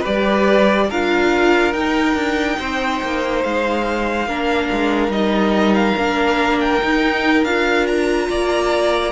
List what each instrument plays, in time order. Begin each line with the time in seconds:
0.00 cello G3, viola G4, violin B4 D5
0.89 cello D4, viola F4, violin A#4 F5
1.73 cello D#4, viola D#4, violin G5
2.14 cello D4
2.59 cello C4, violin C5
3.02 cello A#3
3.43 cello G#3, violin F5
4.27 cello A#3, viola D4, violin A#4
4.71 cello G#3
5.08 cello G3, viola D#4, violin D#5
5.74 violin F5
5.97 cello A#3, viola D4
6.60 violin G5
6.81 viola D#4, cello D#4
7.43 cello D4, viola F4, violin F5
7.86 violin A#5
8.29 cello A#3, violin D5